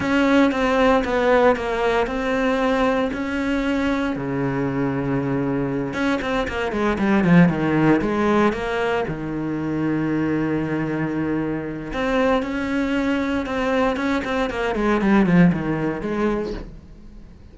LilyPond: \new Staff \with { instrumentName = "cello" } { \time 4/4 \tempo 4 = 116 cis'4 c'4 b4 ais4 | c'2 cis'2 | cis2.~ cis8 cis'8 | c'8 ais8 gis8 g8 f8 dis4 gis8~ |
gis8 ais4 dis2~ dis8~ | dis2. c'4 | cis'2 c'4 cis'8 c'8 | ais8 gis8 g8 f8 dis4 gis4 | }